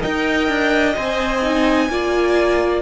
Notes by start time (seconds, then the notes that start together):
0.00 D#4 A#4 D#5 G5
0.49 D4
0.96 C4 C5 G#5
1.42 D#4
1.89 A#3 F4 D5